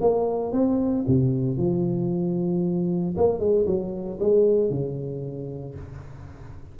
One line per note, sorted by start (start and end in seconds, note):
0.00 0.52 A#3
0.52 1.05 C4
1.07 1.57 C3
1.57 3.15 F3
3.17 3.39 A#3
3.39 3.65 G#3
3.66 4.18 F#3
4.19 4.70 G#3
4.70 5.75 C#3